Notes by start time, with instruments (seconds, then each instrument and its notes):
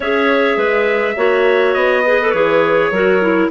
0.00 bassoon C#4, clarinet G#4 C#5, trumpet E5
0.57 bassoon G#3, clarinet B4
1.16 bassoon A#3, clarinet F#4 C#5
1.73 bassoon B3, trumpet D#5
2.05 clarinet G#4 B4
2.21 clarinet A4
2.30 bassoon E3, clarinet G#4, trumpet C#5
2.90 bassoon F#3, clarinet F#4 A#4
3.21 clarinet E4